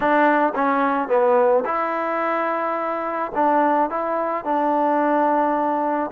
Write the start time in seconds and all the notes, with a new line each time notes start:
0.00 D4
0.54 C#4
1.08 B3
1.65 E4
3.34 D4
3.89 E4
4.44 D4